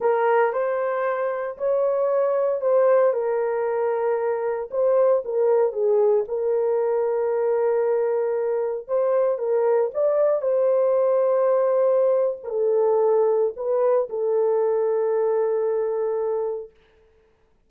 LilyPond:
\new Staff \with { instrumentName = "horn" } { \time 4/4 \tempo 4 = 115 ais'4 c''2 cis''4~ | cis''4 c''4 ais'2~ | ais'4 c''4 ais'4 gis'4 | ais'1~ |
ais'4 c''4 ais'4 d''4 | c''2.~ c''8. ais'16 | a'2 b'4 a'4~ | a'1 | }